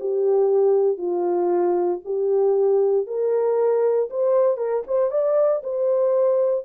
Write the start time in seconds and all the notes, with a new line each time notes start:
0.00 G4
0.97 F4
2.05 G4
3.07 A#4
4.10 C5
4.57 A#4
4.87 C5
5.11 D5
5.63 C5